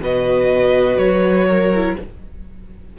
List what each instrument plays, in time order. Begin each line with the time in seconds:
0.00 cello B2, viola F#4, violin B4 D#5
0.97 cello F#3, violin C#5
1.48 violin A#4
1.74 viola E4